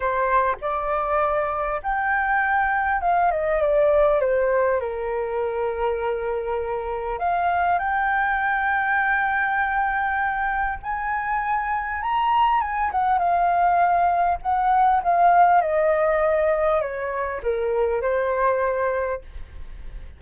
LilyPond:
\new Staff \with { instrumentName = "flute" } { \time 4/4 \tempo 4 = 100 c''4 d''2 g''4~ | g''4 f''8 dis''8 d''4 c''4 | ais'1 | f''4 g''2.~ |
g''2 gis''2 | ais''4 gis''8 fis''8 f''2 | fis''4 f''4 dis''2 | cis''4 ais'4 c''2 | }